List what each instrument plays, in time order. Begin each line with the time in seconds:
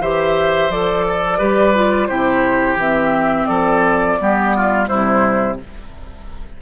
0.00 bassoon E3, clarinet G4, oboe C5, flute E5
0.70 bassoon F3, clarinet A4, flute D5
1.08 oboe A4
1.39 bassoon G3, clarinet G4, oboe B4
1.75 clarinet F4
2.07 bassoon C3, clarinet E4, oboe G4, flute C5
2.76 bassoon E3, clarinet C4, flute E5
3.46 bassoon F3, oboe A4, flute D5
4.19 bassoon G3, clarinet B3, oboe G4
4.56 oboe F4
4.86 clarinet G3, oboe E4, flute C5
4.92 bassoon C3